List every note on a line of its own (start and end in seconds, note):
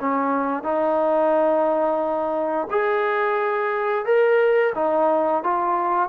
0.00 0.64 C#4
0.64 2.68 D#4
2.71 4.06 G#4
4.06 4.74 A#4
4.75 5.44 D#4
5.44 6.10 F4